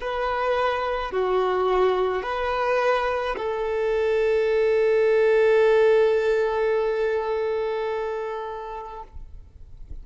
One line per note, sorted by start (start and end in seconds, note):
0.00 1.11 B4
1.11 2.22 F#4
2.22 3.36 B4
3.37 9.03 A4